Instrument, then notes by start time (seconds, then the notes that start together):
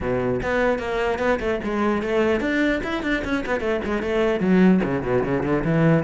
cello
0.01 B2
0.42 B3
0.78 A#3
1.19 B3
1.39 A3
1.63 G#3
2.01 A3
2.40 D4
2.83 E4
3.02 D4
3.24 C#4
3.46 B3
3.60 A3
3.84 G#3
4.02 A3
4.40 F#3
4.83 C#3
5.02 B2
5.23 C#3
5.43 D3
5.64 E3